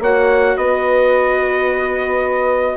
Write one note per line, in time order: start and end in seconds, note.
0.00 0.56 A#3
0.00 2.77 F#4
0.00 0.57 C#5
0.00 0.57 F#5
0.57 2.77 B3
0.57 2.77 B4
0.57 2.77 D#5